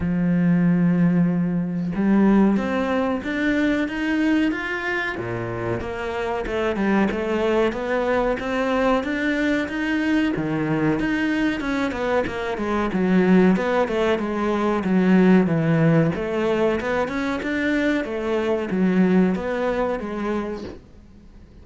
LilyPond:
\new Staff \with { instrumentName = "cello" } { \time 4/4 \tempo 4 = 93 f2. g4 | c'4 d'4 dis'4 f'4 | ais,4 ais4 a8 g8 a4 | b4 c'4 d'4 dis'4 |
dis4 dis'4 cis'8 b8 ais8 gis8 | fis4 b8 a8 gis4 fis4 | e4 a4 b8 cis'8 d'4 | a4 fis4 b4 gis4 | }